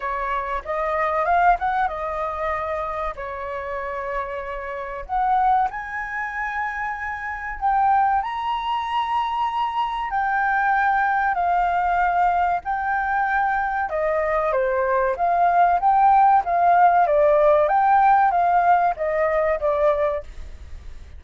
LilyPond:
\new Staff \with { instrumentName = "flute" } { \time 4/4 \tempo 4 = 95 cis''4 dis''4 f''8 fis''8 dis''4~ | dis''4 cis''2. | fis''4 gis''2. | g''4 ais''2. |
g''2 f''2 | g''2 dis''4 c''4 | f''4 g''4 f''4 d''4 | g''4 f''4 dis''4 d''4 | }